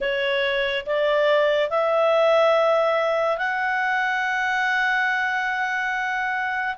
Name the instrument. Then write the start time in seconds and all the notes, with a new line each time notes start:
clarinet
0.00 C#5
0.86 D5
1.70 E5
3.37 F#5